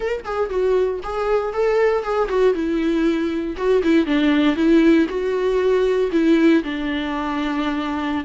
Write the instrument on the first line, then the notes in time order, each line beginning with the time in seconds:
viola
0.00 A#4
0.24 G#4
0.49 F#4
1.03 G#4
1.53 A4
2.03 G#4
2.28 F#4
2.54 E4
3.56 F#4
3.83 E4
4.06 D4
4.55 E4
5.08 F#4
6.12 E4
6.63 D4